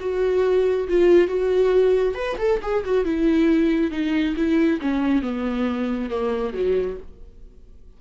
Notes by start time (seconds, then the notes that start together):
0.00 F#4
0.88 F4
1.27 F#4
2.14 B4
2.38 A4
2.62 G#4
2.84 F#4
3.04 E4
3.91 D#4
4.36 E4
4.81 C#4
5.22 B3
6.10 A#3
6.53 F#3